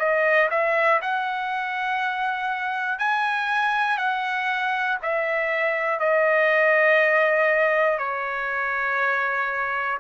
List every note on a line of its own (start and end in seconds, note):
0.00 0.50 D#5
0.51 1.01 E5
1.02 2.99 F#5
2.99 3.98 G#5
3.98 4.98 F#5
5.03 6.00 E5
6.00 7.99 D#5
7.99 9.99 C#5